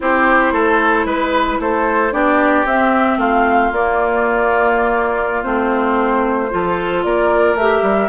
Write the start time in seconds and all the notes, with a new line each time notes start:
0.00 C4 E4 G4 C5
0.52 A3 A4
1.05 G#3 B4
1.60 A3 A4 C5
2.12 B3 D4 G4 D5
2.65 C4 E5
3.17 A3 F4 F5
3.72 A#3 D5
5.42 A3 C4 C5
6.49 F3 F4 A4
7.03 A#3 A#4 D5
7.54 A3 G4 E5
7.81 G3